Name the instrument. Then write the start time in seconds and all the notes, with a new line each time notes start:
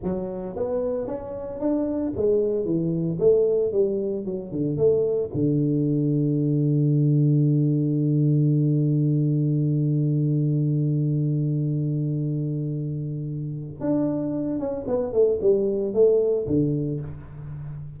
tuba
0.03 F#3
0.56 B3
1.07 C#4
1.60 D4
2.16 G#3
2.65 E3
3.19 A3
3.72 G3
4.25 F#3
4.51 D3
4.77 A3
5.33 D3
13.80 D4
14.59 C#4
14.87 B3
15.12 A3
15.41 G3
15.93 A3
16.47 D3